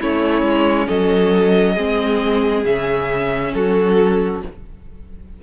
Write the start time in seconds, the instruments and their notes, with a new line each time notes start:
0.00 cello A3, viola C#4, violin E4 C#5
0.42 cello G#3
0.87 cello F#3, violin A4 D#5
1.74 cello G#3, viola C4, violin G#4
2.65 cello C#3, viola C#4, violin E5
3.54 cello F#3, violin F#4 A4